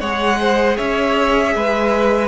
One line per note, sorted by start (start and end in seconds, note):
0.00 0.78 G#3
0.00 2.28 G#4
0.00 0.38 C#5
0.00 0.78 F#5
0.40 0.77 C5
0.77 1.55 C#4
0.77 1.54 C#5
0.77 2.28 E5
1.55 2.28 G#3
1.55 2.28 B4